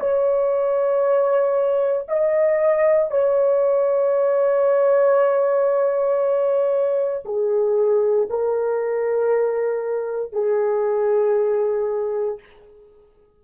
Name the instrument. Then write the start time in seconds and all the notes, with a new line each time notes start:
horn
0.00 C#5
2.08 D#5
3.11 C#5
7.25 G#4
8.30 A#4
10.32 G#4